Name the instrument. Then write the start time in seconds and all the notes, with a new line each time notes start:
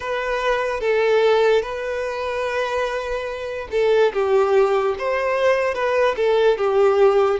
violin
0.00 B4
0.80 A4
1.62 B4
3.71 A4
4.13 G4
4.98 C5
5.74 B4
6.16 A4
6.57 G4